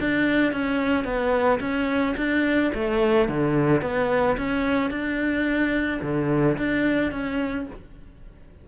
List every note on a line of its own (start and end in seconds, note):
0.00 0.52 D4
0.52 1.05 C#4
1.05 1.60 B3
1.60 2.15 C#4
2.17 2.72 D4
2.74 3.29 A3
3.29 3.82 D3
3.82 4.37 B3
4.37 4.90 C#4
4.90 6.00 D4
6.02 6.57 D3
6.58 7.12 D4
7.12 7.67 C#4